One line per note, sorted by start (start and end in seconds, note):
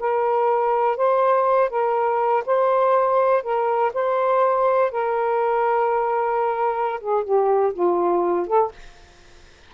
0.00 0.97 A#4
0.97 1.70 C5
1.70 2.44 A#4
2.47 3.43 C5
3.43 3.92 A#4
3.94 4.91 C5
4.91 7.00 A#4
7.01 7.24 G#4
7.24 7.73 G4
7.73 8.47 F4
8.47 8.72 A4